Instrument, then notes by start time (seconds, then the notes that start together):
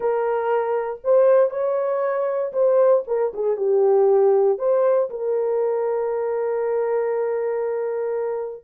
horn
0.00 A#4
1.04 C5
1.50 C#5
2.52 C5
3.07 A#4
3.33 G#4
3.56 G4
4.58 C5
5.10 A#4